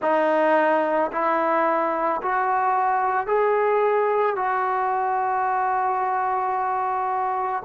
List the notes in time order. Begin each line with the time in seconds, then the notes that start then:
0.01 D#4
1.12 E4
2.22 F#4
3.27 G#4
4.35 F#4